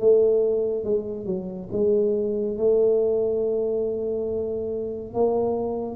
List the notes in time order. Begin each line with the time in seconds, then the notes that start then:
0.00 A3
0.85 G#3
1.26 F#3
1.73 G#3
2.58 A3
5.14 A#3